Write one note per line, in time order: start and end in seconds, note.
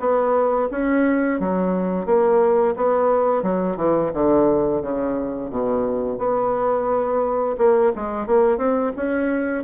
0.00 0.69 B3
0.71 1.40 C#4
1.40 2.06 F#3
2.06 2.75 A#3
2.77 3.43 B3
3.43 3.77 F#3
3.77 4.12 E3
4.14 4.82 D3
4.82 5.51 C#3
5.51 6.19 B2
6.19 7.57 B3
7.58 7.93 A#3
7.96 8.27 G#3
8.27 8.58 A#3
8.58 8.92 C4
8.97 9.64 C#4